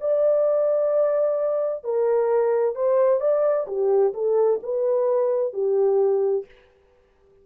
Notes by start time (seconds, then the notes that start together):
0.00 D5
1.84 A#4
2.75 C5
3.20 D5
3.67 G4
4.13 A4
4.63 B4
5.53 G4